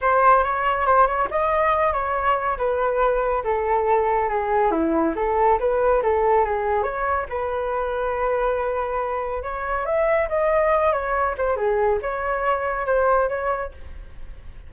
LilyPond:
\new Staff \with { instrumentName = "flute" } { \time 4/4 \tempo 4 = 140 c''4 cis''4 c''8 cis''8 dis''4~ | dis''8 cis''4. b'2 | a'2 gis'4 e'4 | a'4 b'4 a'4 gis'4 |
cis''4 b'2.~ | b'2 cis''4 e''4 | dis''4. cis''4 c''8 gis'4 | cis''2 c''4 cis''4 | }